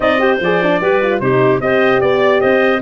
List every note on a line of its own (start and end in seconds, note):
0.00 0.40 C4
0.00 0.19 D#4
0.00 0.21 D5
0.00 0.38 D#5
0.19 0.39 G4
0.19 0.81 C5
0.40 0.80 F3
0.40 0.62 G#4
0.40 1.19 D5
0.62 0.81 D4
0.80 1.20 G3
0.80 1.01 G4
0.80 1.21 B4
1.02 1.21 F4
1.19 1.59 C3
1.19 1.59 D#4
1.19 1.62 G4
1.19 1.60 C5
1.59 2.00 C4
1.59 2.80 G4
1.59 2.01 C5
1.59 2.01 D#5
2.01 2.42 B3
2.01 2.41 D5
2.41 2.81 C4
2.41 2.81 C5
2.41 2.81 D#5